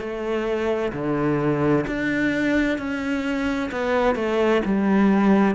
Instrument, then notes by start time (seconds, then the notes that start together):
cello
0.00 A3
0.93 D3
1.87 D4
2.79 C#4
3.72 B3
4.16 A3
4.66 G3